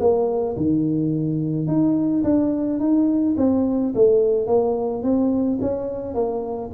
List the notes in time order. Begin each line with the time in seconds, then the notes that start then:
0.00 A#3
0.57 D#3
1.67 D#4
2.24 D4
2.80 D#4
3.37 C4
3.95 A3
4.47 A#3
5.03 C4
5.62 C#4
6.15 A#3